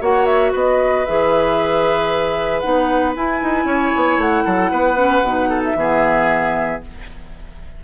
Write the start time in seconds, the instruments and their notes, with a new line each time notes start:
0.00 bassoon A#3, clarinet F#4, oboe C#5, flute F#5
0.25 flute E5
0.52 bassoon B3, oboe B4, flute D#5
1.05 bassoon E3, clarinet G#4, flute E5
2.60 bassoon B3, clarinet D#4, flute F#5
3.15 clarinet E4, bassoon E4, flute G#5
3.42 bassoon D#4
3.64 bassoon C#4, oboe C#5
3.95 bassoon B3
4.17 bassoon A3, flute F#5
4.44 bassoon F#3, oboe A4
4.71 bassoon B3, oboe B4
4.96 clarinet C#4
5.21 bassoon B2, clarinet D#4
5.49 oboe A4
5.63 flute E5
5.75 bassoon E3, clarinet B3, oboe G#4